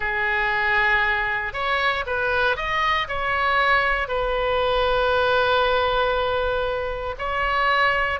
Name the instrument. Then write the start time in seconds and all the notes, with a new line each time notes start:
oboe
0.00 G#4
1.53 C#5
2.06 B4
2.56 D#5
3.08 C#5
4.07 B4
7.18 C#5